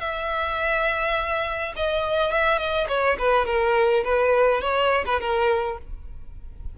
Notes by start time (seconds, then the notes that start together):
0.00 E5
1.76 D#5
2.31 E5
2.58 D#5
2.88 C#5
3.18 B4
3.46 A#4
4.04 B4
4.61 C#5
5.06 B4
5.20 A#4